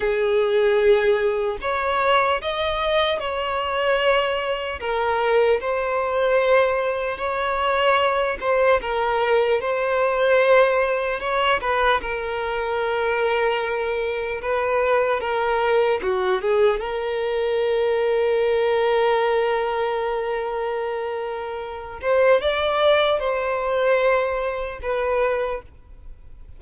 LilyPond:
\new Staff \with { instrumentName = "violin" } { \time 4/4 \tempo 4 = 75 gis'2 cis''4 dis''4 | cis''2 ais'4 c''4~ | c''4 cis''4. c''8 ais'4 | c''2 cis''8 b'8 ais'4~ |
ais'2 b'4 ais'4 | fis'8 gis'8 ais'2.~ | ais'2.~ ais'8 c''8 | d''4 c''2 b'4 | }